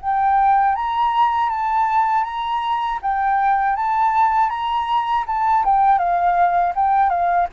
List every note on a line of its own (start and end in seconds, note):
0.00 0.75 G5
0.75 1.49 A#5
1.49 2.24 A5
2.24 2.99 A#5
3.01 3.76 G5
3.76 4.49 A5
4.49 5.24 A#5
5.27 5.64 A5
5.64 5.98 G5
5.98 6.73 F5
6.75 7.09 G5
7.09 7.47 F5